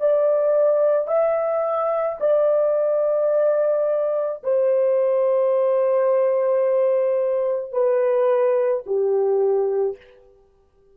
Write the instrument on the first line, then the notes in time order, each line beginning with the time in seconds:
horn
0.00 D5
1.08 E5
2.21 D5
4.44 C5
7.73 B4
8.86 G4